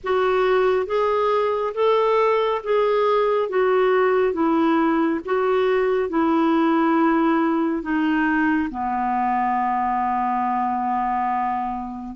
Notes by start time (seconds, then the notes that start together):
0.03 F#4
0.86 G#4
1.74 A4
2.63 G#4
3.49 F#4
4.33 E4
5.25 F#4
6.09 E4
7.82 D#4
8.70 B3